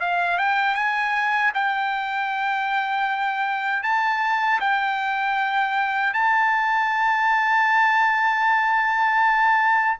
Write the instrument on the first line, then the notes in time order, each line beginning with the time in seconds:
trumpet
0.00 F5
0.38 G5
0.74 G#5
1.54 G5
3.83 A5
4.60 G5
6.13 A5